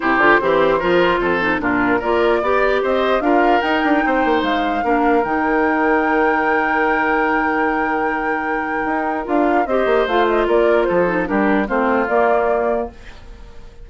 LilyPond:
<<
  \new Staff \with { instrumentName = "flute" } { \time 4/4 \tempo 4 = 149 c''1 | ais'4 d''2 dis''4 | f''4 g''2 f''4~ | f''4 g''2.~ |
g''1~ | g''2. f''4 | dis''4 f''8 dis''8 d''4 c''4 | ais'4 c''4 d''2 | }
  \new Staff \with { instrumentName = "oboe" } { \time 4/4 g'4 c'4 ais'4 a'4 | f'4 ais'4 d''4 c''4 | ais'2 c''2 | ais'1~ |
ais'1~ | ais'1 | c''2 ais'4 a'4 | g'4 f'2. | }
  \new Staff \with { instrumentName = "clarinet" } { \time 4/4 e'8 f'8 g'4 f'4. dis'8 | d'4 f'4 g'2 | f'4 dis'2. | d'4 dis'2.~ |
dis'1~ | dis'2. f'4 | g'4 f'2~ f'8 dis'8 | d'4 c'4 ais2 | }
  \new Staff \with { instrumentName = "bassoon" } { \time 4/4 c8 d8 e4 f4 f,4 | ais,4 ais4 b4 c'4 | d'4 dis'8 d'8 c'8 ais8 gis4 | ais4 dis2.~ |
dis1~ | dis2 dis'4 d'4 | c'8 ais8 a4 ais4 f4 | g4 a4 ais2 | }
>>